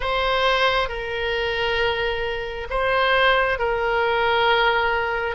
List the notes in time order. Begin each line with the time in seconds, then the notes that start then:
0.00 C5
0.88 A#4
2.69 C5
3.58 A#4